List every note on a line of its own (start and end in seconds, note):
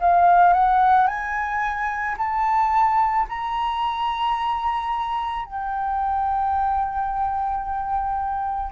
0.00 0.53 F5
0.53 1.07 F#5
1.07 2.16 G#5
2.17 3.26 A5
3.29 5.45 A#5
5.45 8.72 G5